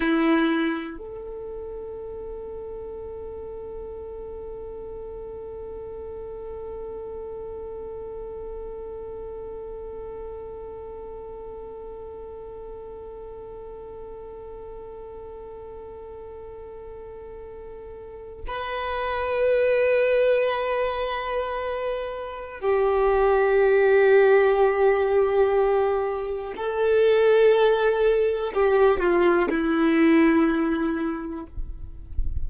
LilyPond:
\new Staff \with { instrumentName = "violin" } { \time 4/4 \tempo 4 = 61 e'4 a'2.~ | a'1~ | a'1~ | a'1~ |
a'2~ a'8. b'4~ b'16~ | b'2. g'4~ | g'2. a'4~ | a'4 g'8 f'8 e'2 | }